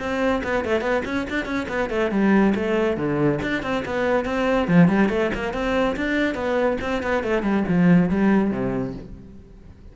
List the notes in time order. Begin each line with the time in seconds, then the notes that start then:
0.00 C4
0.44 B3
0.65 A3
0.81 B3
1.05 C#4
1.30 D4
1.46 C#4
1.69 B3
1.90 A3
2.11 G3
2.56 A3
2.97 D3
3.43 D4
3.63 C4
3.86 B3
4.26 C4
4.68 F3
4.89 G3
5.09 A3
5.35 A#3
5.54 C4
5.97 D4
6.35 B3
6.81 C4
7.03 B3
7.24 A3
7.43 G3
7.69 F3
8.10 G3
8.51 C3